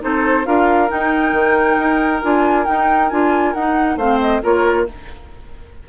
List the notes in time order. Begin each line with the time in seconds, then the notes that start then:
0.00 C4 D#4 A4 C5
0.45 D4 F4 A#4 F5
0.88 D#4 G5
1.33 D#3
1.79 D#4
2.23 D4 F4 G#5
2.65 D#4 G5
3.09 D4 F4 G#5
3.54 D#4 F#5
3.96 A3 C4 C5 F5
4.21 D#5
4.42 A#3 F4 A#4 C#5